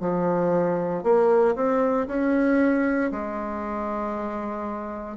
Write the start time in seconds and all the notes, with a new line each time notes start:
0.00 F3
1.03 A#3
1.55 C4
2.07 C#4
3.12 G#3